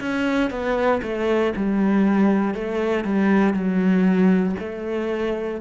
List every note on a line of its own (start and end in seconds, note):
0.00 0.50 C#4
0.50 1.01 B3
1.03 1.53 A3
1.56 2.55 G3
2.55 3.05 A3
3.05 3.54 G3
3.54 4.56 F#3
4.59 5.61 A3